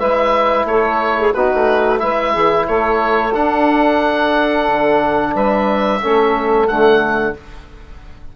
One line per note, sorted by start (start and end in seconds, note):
0.00 0.65 G#3
0.00 1.34 E4
0.00 0.67 B4
0.00 0.67 E5
0.65 1.32 A3
0.65 1.20 A4
0.65 1.34 C#5
1.20 1.34 G#4
1.34 1.52 B3
1.34 1.99 D#4
1.34 2.01 F#4
1.34 2.00 B4
1.54 2.02 A3
1.99 2.36 G#3
1.99 3.32 E4
1.99 2.33 B4
1.99 2.67 E5
2.33 2.69 E3
2.33 2.66 G#4
2.68 3.35 A3
2.68 5.35 A4
2.68 3.34 C#5
3.34 6.01 D4
3.34 4.68 D4
3.34 5.35 F#5
4.68 5.35 D3
5.35 6.02 G3
5.35 6.02 B4
5.35 6.68 E5
6.01 6.70 A3
6.01 6.68 C#4
6.01 7.36 A4
6.68 7.36 D3
6.68 7.35 A3
6.68 7.34 F#5